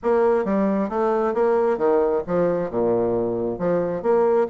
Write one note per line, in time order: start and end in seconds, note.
0.02 0.44 A#3
0.44 0.89 G3
0.89 1.34 A3
1.34 1.77 A#3
1.77 2.22 D#3
2.26 2.70 F3
2.70 3.58 A#2
3.58 4.02 F3
4.02 4.47 A#3